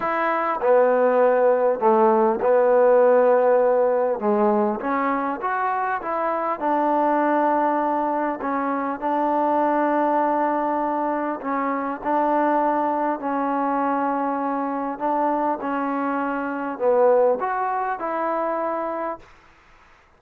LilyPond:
\new Staff \with { instrumentName = "trombone" } { \time 4/4 \tempo 4 = 100 e'4 b2 a4 | b2. gis4 | cis'4 fis'4 e'4 d'4~ | d'2 cis'4 d'4~ |
d'2. cis'4 | d'2 cis'2~ | cis'4 d'4 cis'2 | b4 fis'4 e'2 | }